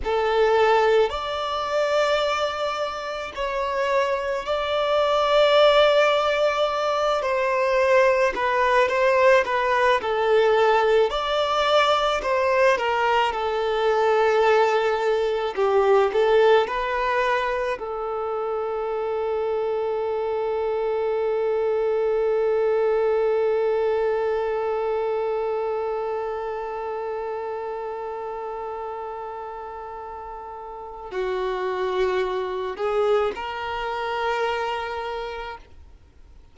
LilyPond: \new Staff \with { instrumentName = "violin" } { \time 4/4 \tempo 4 = 54 a'4 d''2 cis''4 | d''2~ d''8 c''4 b'8 | c''8 b'8 a'4 d''4 c''8 ais'8 | a'2 g'8 a'8 b'4 |
a'1~ | a'1~ | a'1 | fis'4. gis'8 ais'2 | }